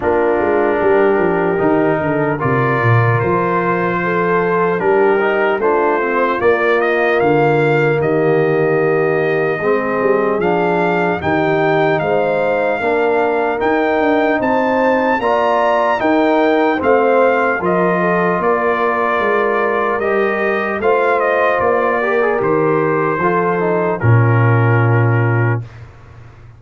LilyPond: <<
  \new Staff \with { instrumentName = "trumpet" } { \time 4/4 \tempo 4 = 75 ais'2. d''4 | c''2 ais'4 c''4 | d''8 dis''8 f''4 dis''2~ | dis''4 f''4 g''4 f''4~ |
f''4 g''4 a''4 ais''4 | g''4 f''4 dis''4 d''4~ | d''4 dis''4 f''8 dis''8 d''4 | c''2 ais'2 | }
  \new Staff \with { instrumentName = "horn" } { \time 4/4 f'4 g'4. a'8 ais'4~ | ais'4 a'4 g'4 f'4~ | f'2 g'2 | gis'2 g'4 c''4 |
ais'2 c''4 d''4 | ais'4 c''4 ais'8 a'8 ais'4~ | ais'2 c''4. ais'8~ | ais'4 a'4 f'2 | }
  \new Staff \with { instrumentName = "trombone" } { \time 4/4 d'2 dis'4 f'4~ | f'2 d'8 dis'8 d'8 c'8 | ais1 | c'4 d'4 dis'2 |
d'4 dis'2 f'4 | dis'4 c'4 f'2~ | f'4 g'4 f'4. g'16 gis'16 | g'4 f'8 dis'8 cis'2 | }
  \new Staff \with { instrumentName = "tuba" } { \time 4/4 ais8 gis8 g8 f8 dis8 d8 c8 ais,8 | f2 g4 a4 | ais4 d4 dis2 | gis8 g8 f4 dis4 gis4 |
ais4 dis'8 d'8 c'4 ais4 | dis'4 a4 f4 ais4 | gis4 g4 a4 ais4 | dis4 f4 ais,2 | }
>>